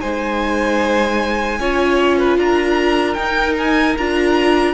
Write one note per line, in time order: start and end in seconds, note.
0.00 1.59 G#3
0.00 1.60 D#4
0.00 1.59 C5
0.00 2.37 G#5
1.59 2.37 C#4
1.59 3.17 F4
1.59 2.18 C#5
2.18 2.37 B4
2.37 3.16 D4
2.37 4.74 A#4
2.37 3.13 A#5
3.13 3.96 D#4
3.13 3.53 G5
3.57 3.97 G#5
3.97 4.74 D4
3.97 4.74 F4
3.97 4.74 A#5